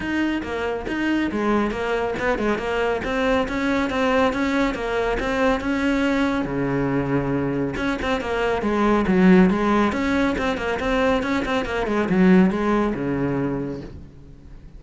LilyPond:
\new Staff \with { instrumentName = "cello" } { \time 4/4 \tempo 4 = 139 dis'4 ais4 dis'4 gis4 | ais4 b8 gis8 ais4 c'4 | cis'4 c'4 cis'4 ais4 | c'4 cis'2 cis4~ |
cis2 cis'8 c'8 ais4 | gis4 fis4 gis4 cis'4 | c'8 ais8 c'4 cis'8 c'8 ais8 gis8 | fis4 gis4 cis2 | }